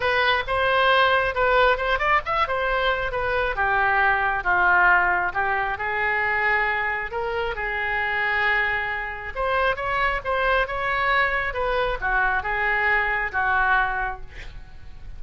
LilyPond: \new Staff \with { instrumentName = "oboe" } { \time 4/4 \tempo 4 = 135 b'4 c''2 b'4 | c''8 d''8 e''8 c''4. b'4 | g'2 f'2 | g'4 gis'2. |
ais'4 gis'2.~ | gis'4 c''4 cis''4 c''4 | cis''2 b'4 fis'4 | gis'2 fis'2 | }